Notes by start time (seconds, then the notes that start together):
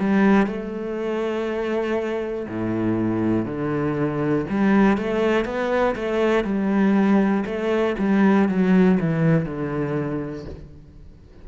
0.00 G3
0.47 A3
2.48 A2
3.46 D3
4.50 G3
4.98 A3
5.45 B3
5.96 A3
6.45 G3
7.46 A3
7.99 G3
8.49 F#3
9.00 E3
9.45 D3